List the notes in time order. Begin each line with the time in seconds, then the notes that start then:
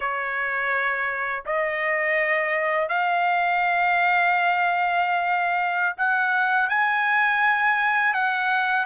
0.00 C#5
1.45 D#5
2.88 F5
5.97 F#5
6.69 G#5
8.13 F#5